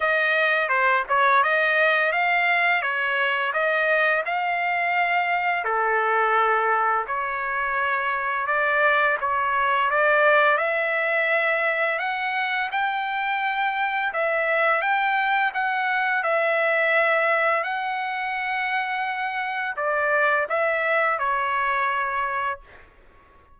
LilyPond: \new Staff \with { instrumentName = "trumpet" } { \time 4/4 \tempo 4 = 85 dis''4 c''8 cis''8 dis''4 f''4 | cis''4 dis''4 f''2 | a'2 cis''2 | d''4 cis''4 d''4 e''4~ |
e''4 fis''4 g''2 | e''4 g''4 fis''4 e''4~ | e''4 fis''2. | d''4 e''4 cis''2 | }